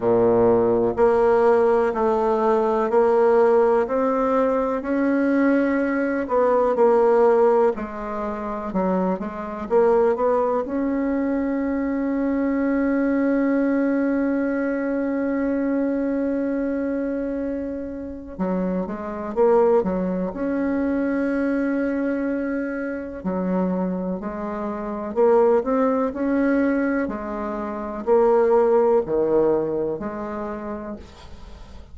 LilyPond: \new Staff \with { instrumentName = "bassoon" } { \time 4/4 \tempo 4 = 62 ais,4 ais4 a4 ais4 | c'4 cis'4. b8 ais4 | gis4 fis8 gis8 ais8 b8 cis'4~ | cis'1~ |
cis'2. fis8 gis8 | ais8 fis8 cis'2. | fis4 gis4 ais8 c'8 cis'4 | gis4 ais4 dis4 gis4 | }